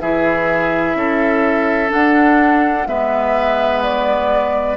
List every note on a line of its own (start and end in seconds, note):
0.00 0.94 E3
0.00 1.88 E4
0.00 0.97 G#4
0.00 1.90 E5
0.94 1.90 C#4
0.94 2.88 A4
1.88 2.84 D4
1.88 2.87 D4
1.88 2.87 F#5
2.87 4.77 G#3
2.87 4.77 B3
2.87 4.77 B4
2.87 3.82 E5
3.83 4.77 D5